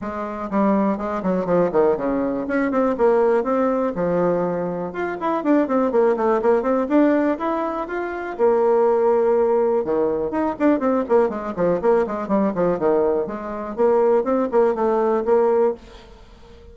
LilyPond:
\new Staff \with { instrumentName = "bassoon" } { \time 4/4 \tempo 4 = 122 gis4 g4 gis8 fis8 f8 dis8 | cis4 cis'8 c'8 ais4 c'4 | f2 f'8 e'8 d'8 c'8 | ais8 a8 ais8 c'8 d'4 e'4 |
f'4 ais2. | dis4 dis'8 d'8 c'8 ais8 gis8 f8 | ais8 gis8 g8 f8 dis4 gis4 | ais4 c'8 ais8 a4 ais4 | }